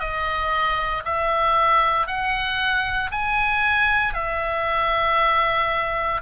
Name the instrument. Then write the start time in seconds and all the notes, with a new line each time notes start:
oboe
0.00 D#5
1.05 E5
2.07 F#5
3.12 G#5
4.14 E5